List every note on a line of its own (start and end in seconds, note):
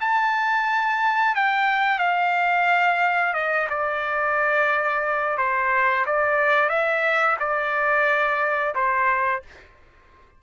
0.00 1.35 A5
1.35 1.98 G5
1.98 3.33 F5
3.33 3.67 D#5
3.69 5.37 D5
5.37 6.05 C5
6.06 6.69 D5
6.69 7.36 E5
7.39 8.74 D5
8.75 9.42 C5